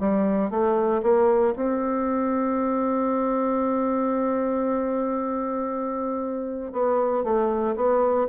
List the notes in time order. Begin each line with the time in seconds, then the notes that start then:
0.00 G3
0.51 A3
1.03 A#3
1.57 C4
6.73 B3
7.24 A3
7.76 B3